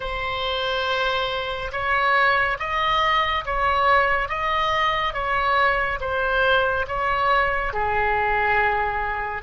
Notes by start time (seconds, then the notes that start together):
0.00 C5
1.71 C#5
2.59 D#5
3.45 C#5
4.29 D#5
5.13 C#5
6.00 C5
6.87 C#5
7.73 G#4